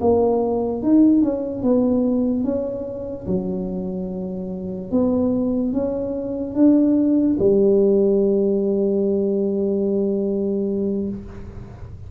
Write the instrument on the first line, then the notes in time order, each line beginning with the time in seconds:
tuba
0.00 A#3
0.82 D#4
1.21 C#4
1.62 B3
2.44 C#4
3.27 F#3
4.91 B3
5.72 C#4
6.54 D4
7.39 G3